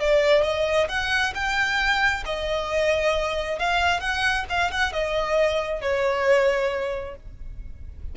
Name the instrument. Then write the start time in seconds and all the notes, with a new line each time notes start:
violin
0.00 D5
0.43 D#5
0.89 F#5
1.35 G5
2.26 D#5
3.59 F5
4.01 F#5
4.50 F5
4.71 F#5
4.93 D#5
5.82 C#5